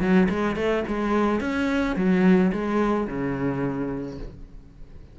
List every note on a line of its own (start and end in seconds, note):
0.00 0.28 F#3
0.29 0.56 G#3
0.56 0.83 A3
0.87 1.40 G#3
1.40 1.96 C#4
1.96 2.52 F#3
2.52 3.07 G#3
3.07 4.18 C#3